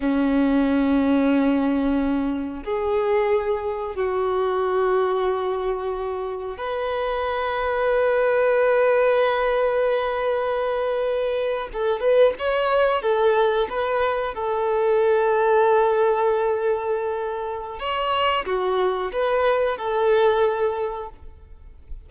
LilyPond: \new Staff \with { instrumentName = "violin" } { \time 4/4 \tempo 4 = 91 cis'1 | gis'2 fis'2~ | fis'2 b'2~ | b'1~ |
b'4.~ b'16 a'8 b'8 cis''4 a'16~ | a'8. b'4 a'2~ a'16~ | a'2. cis''4 | fis'4 b'4 a'2 | }